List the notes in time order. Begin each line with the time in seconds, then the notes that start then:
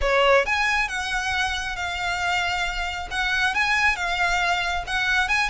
0.01 C#5
0.45 G#5
0.88 F#5
1.75 F5
3.10 F#5
3.54 G#5
3.95 F5
4.86 F#5
5.28 G#5